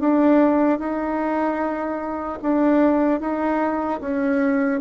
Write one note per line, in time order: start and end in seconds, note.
0.00 0.79 D4
0.79 2.39 D#4
2.42 3.20 D4
3.20 4.00 D#4
4.01 4.81 C#4